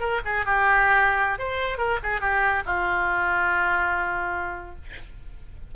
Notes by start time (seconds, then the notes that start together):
0.00 A#4
0.25 G#4
0.46 G4
1.39 C5
1.78 A#4
2.03 G#4
2.21 G4
2.66 F4